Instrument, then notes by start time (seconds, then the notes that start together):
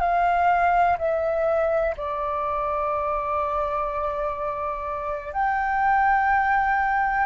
flute
0.00 F5
0.98 E5
1.97 D5
5.33 G5